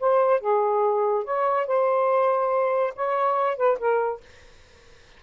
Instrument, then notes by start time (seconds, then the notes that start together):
saxophone
0.00 C5
0.40 G#4
1.24 C#5
1.67 C5
2.95 C#5
3.57 B4
3.79 A#4